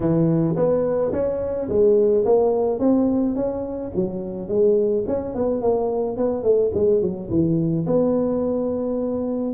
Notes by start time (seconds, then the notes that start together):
0.00 E3
0.56 B3
1.12 C#4
1.68 G#3
2.25 A#3
2.79 C4
3.35 C#4
3.95 F#3
4.48 G#3
5.07 C#4
5.34 B3
5.61 A#3
6.17 B3
6.43 A3
6.74 G#3
7.01 F#3
7.30 E3
7.86 B3